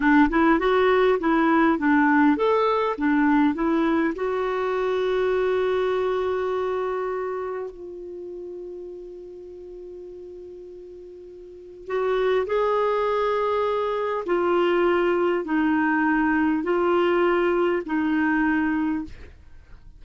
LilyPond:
\new Staff \with { instrumentName = "clarinet" } { \time 4/4 \tempo 4 = 101 d'8 e'8 fis'4 e'4 d'4 | a'4 d'4 e'4 fis'4~ | fis'1~ | fis'4 f'2.~ |
f'1 | fis'4 gis'2. | f'2 dis'2 | f'2 dis'2 | }